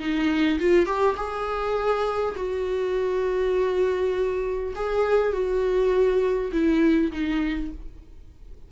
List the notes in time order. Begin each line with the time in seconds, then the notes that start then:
0.00 D#4
0.60 F4
0.86 G4
1.17 G#4
2.37 F#4
4.76 G#4
5.33 F#4
6.53 E4
7.12 D#4